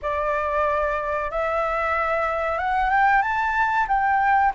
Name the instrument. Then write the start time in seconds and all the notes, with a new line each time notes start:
flute
0.01 D5
1.30 E5
2.58 F#5
2.90 G5
3.21 A5
3.88 G5